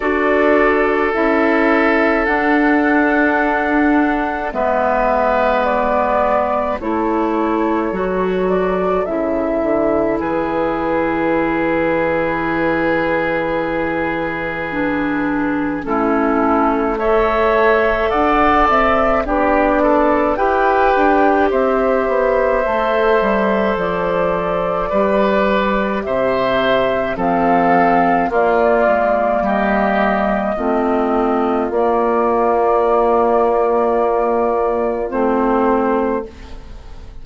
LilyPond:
<<
  \new Staff \with { instrumentName = "flute" } { \time 4/4 \tempo 4 = 53 d''4 e''4 fis''2 | e''4 d''4 cis''4. d''8 | e''4 b'2.~ | b'2 a'4 e''4 |
fis''8 e''8 d''4 g''4 e''4~ | e''4 d''2 e''4 | f''4 d''4 dis''2 | d''2. c''4 | }
  \new Staff \with { instrumentName = "oboe" } { \time 4/4 a'1 | b'2 a'2~ | a'4 gis'2.~ | gis'2 e'4 cis''4 |
d''4 g'8 a'8 b'4 c''4~ | c''2 b'4 c''4 | a'4 f'4 g'4 f'4~ | f'1 | }
  \new Staff \with { instrumentName = "clarinet" } { \time 4/4 fis'4 e'4 d'2 | b2 e'4 fis'4 | e'1~ | e'4 d'4 cis'4 a'4~ |
a'4 d'4 g'2 | a'2 g'2 | c'4 ais2 c'4 | ais2. c'4 | }
  \new Staff \with { instrumentName = "bassoon" } { \time 4/4 d'4 cis'4 d'2 | gis2 a4 fis4 | cis8 d8 e2.~ | e2 a2 |
d'8 c'8 b4 e'8 d'8 c'8 b8 | a8 g8 f4 g4 c4 | f4 ais8 gis8 g4 a4 | ais2. a4 | }
>>